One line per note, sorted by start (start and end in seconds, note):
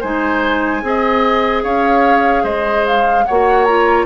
0.00 0.83 G#3
0.00 0.82 D#4
0.00 0.81 C5
0.00 1.63 G#5
0.82 1.64 C4
0.82 3.26 G#4
0.82 1.63 D#5
1.63 2.44 C#4
1.63 2.43 C#5
1.63 2.44 F5
2.43 3.25 G#3
2.43 3.24 C5
2.43 2.85 D#5
2.86 3.25 F5
3.25 4.06 A#3
3.25 3.68 F#4
3.25 4.06 C#5
3.25 3.65 F#5
3.65 4.06 F4
3.65 4.05 A#5